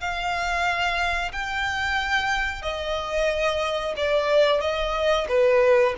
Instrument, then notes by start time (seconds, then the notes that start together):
violin
0.00 F5
1.32 G5
2.62 D#5
3.96 D5
4.61 D#5
5.29 B4